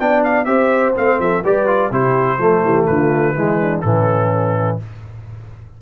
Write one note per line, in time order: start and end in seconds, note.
0.00 0.46 B3
0.00 0.46 D4
0.00 0.47 D5
0.00 0.24 G5
0.24 0.45 F5
0.45 0.94 C4
0.45 0.94 G4
0.45 1.19 C5
0.45 0.93 E5
0.95 1.19 A3
0.95 1.43 C4
0.95 1.21 F5
1.19 1.43 F3
1.19 1.44 A4
1.19 1.45 E5
1.44 1.92 G3
1.44 1.67 G4
1.44 1.91 B4
1.44 1.94 D5
1.67 1.91 F4
1.91 2.39 C3
1.91 2.39 E4
1.91 2.38 G4
1.91 2.86 C5
2.38 2.62 F3
2.38 3.35 A3
2.38 2.62 A4
2.65 2.89 E3
2.65 2.88 G4
2.86 3.36 D3
2.86 3.36 F4
2.86 3.82 B4
3.35 3.84 E3
3.35 3.83 G#3
3.35 3.60 E4
3.61 3.85 D4
3.82 4.80 A2
3.82 4.80 E3
3.82 4.82 C#4
3.82 4.78 A4